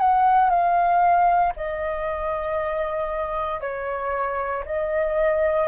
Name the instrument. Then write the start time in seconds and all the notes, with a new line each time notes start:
flute
0.00 F#5
0.50 F5
1.57 D#5
3.61 C#5
4.66 D#5